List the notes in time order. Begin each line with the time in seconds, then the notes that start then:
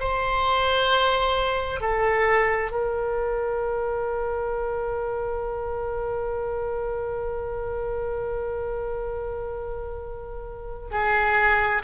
0.00 C5
1.81 A4
2.71 A#4
10.91 G#4